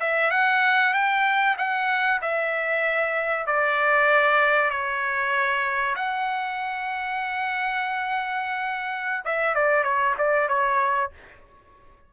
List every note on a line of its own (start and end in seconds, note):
0.00 0.31 E5
0.31 0.93 F#5
0.94 1.56 G5
1.58 2.21 F#5
2.22 3.46 E5
3.46 4.70 D5
4.70 5.95 C#5
5.96 9.24 F#5
9.25 9.55 E5
9.55 9.84 D5
9.84 10.15 C#5
10.18 10.49 D5
10.49 11.11 C#5